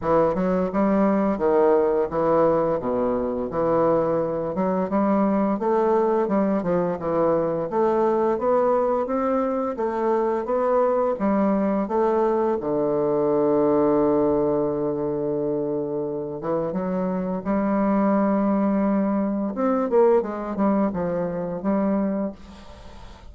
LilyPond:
\new Staff \with { instrumentName = "bassoon" } { \time 4/4 \tempo 4 = 86 e8 fis8 g4 dis4 e4 | b,4 e4. fis8 g4 | a4 g8 f8 e4 a4 | b4 c'4 a4 b4 |
g4 a4 d2~ | d2.~ d8 e8 | fis4 g2. | c'8 ais8 gis8 g8 f4 g4 | }